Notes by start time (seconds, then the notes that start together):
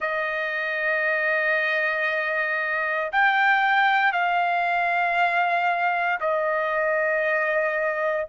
0.00 D#5
3.11 G5
4.12 F5
6.20 D#5